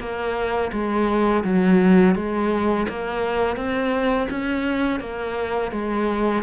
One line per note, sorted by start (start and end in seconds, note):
0.00 0.71 A#3
0.72 1.44 G#3
1.44 2.15 F#3
2.15 2.87 G#3
2.89 3.56 A#3
3.56 4.28 C4
4.30 5.00 C#4
5.00 5.71 A#3
5.71 6.43 G#3